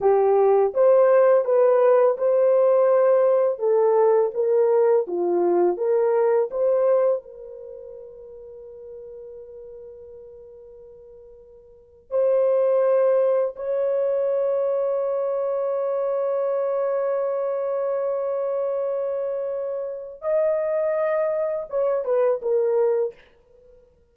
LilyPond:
\new Staff \with { instrumentName = "horn" } { \time 4/4 \tempo 4 = 83 g'4 c''4 b'4 c''4~ | c''4 a'4 ais'4 f'4 | ais'4 c''4 ais'2~ | ais'1~ |
ais'8. c''2 cis''4~ cis''16~ | cis''1~ | cis''1 | dis''2 cis''8 b'8 ais'4 | }